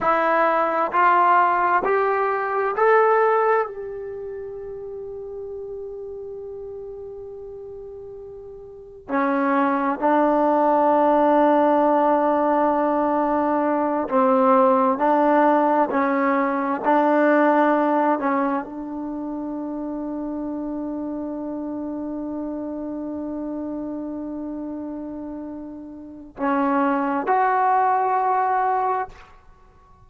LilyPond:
\new Staff \with { instrumentName = "trombone" } { \time 4/4 \tempo 4 = 66 e'4 f'4 g'4 a'4 | g'1~ | g'2 cis'4 d'4~ | d'2.~ d'8 c'8~ |
c'8 d'4 cis'4 d'4. | cis'8 d'2.~ d'8~ | d'1~ | d'4 cis'4 fis'2 | }